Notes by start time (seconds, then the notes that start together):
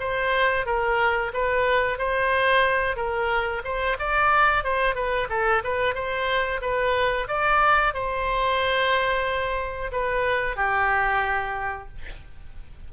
0.00 C5
0.66 A#4
1.34 B4
1.98 C5
2.96 A#4
3.64 C5
4.00 D5
4.64 C5
4.95 B4
5.30 A4
5.64 B4
5.95 C5
6.61 B4
7.28 D5
7.94 C5
9.92 B4
10.56 G4